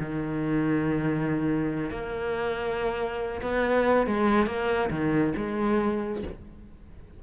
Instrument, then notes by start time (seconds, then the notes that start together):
cello
0.00 D#3
1.91 A#3
3.42 B3
4.07 G#3
4.47 A#3
4.91 D#3
5.37 G#3